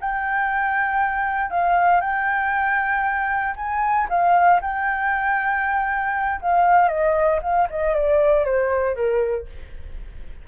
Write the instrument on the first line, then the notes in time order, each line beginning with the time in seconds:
flute
0.00 G5
1.50 F5
2.00 G5
3.56 G#5
4.09 F5
4.61 G5
6.41 F5
6.88 D#5
7.42 F5
7.70 D#5
7.94 D5
8.44 C5
8.95 A#4